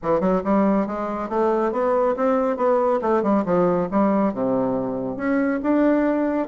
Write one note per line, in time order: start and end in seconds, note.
0.02 0.20 E3
0.20 0.41 F#3
0.44 0.87 G3
0.87 1.29 G#3
1.29 1.72 A3
1.72 2.15 B3
2.16 2.57 C4
2.57 3.00 B3
3.01 3.23 A3
3.23 3.44 G3
3.45 3.88 F3
3.91 4.33 G3
4.33 5.17 C3
5.17 5.60 C#4
5.62 6.47 D4